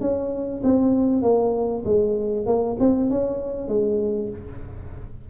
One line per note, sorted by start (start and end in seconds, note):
0.00 0.61 C#4
0.63 1.22 C4
1.22 1.83 A#3
1.85 2.46 G#3
2.46 2.76 A#3
2.79 3.10 C4
3.10 3.68 C#4
3.68 4.29 G#3